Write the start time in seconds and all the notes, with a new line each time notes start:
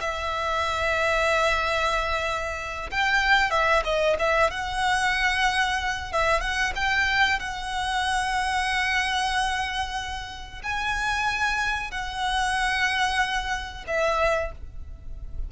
0.00 E5
2.90 G5
3.51 E5
3.84 D#5
4.19 E5
4.51 F#5
6.12 E5
6.41 F#5
6.76 G5
7.39 F#5
10.63 G#5
11.91 F#5
13.87 E5